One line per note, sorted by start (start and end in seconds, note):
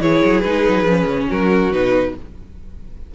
0.00 0.21 E3
0.00 0.43 E4
0.00 1.29 G#4
0.00 0.40 C#5
0.24 0.45 F#3
0.40 0.66 G#3
0.40 0.87 D#4
0.40 1.25 B4
0.68 0.83 F#3
0.83 1.05 F3
0.83 1.72 C#4
1.06 1.27 C#3
1.29 1.70 F#3
1.29 2.14 F#4
1.29 1.72 A#4
1.70 2.13 B2
1.70 2.15 D#4
1.70 2.15 B4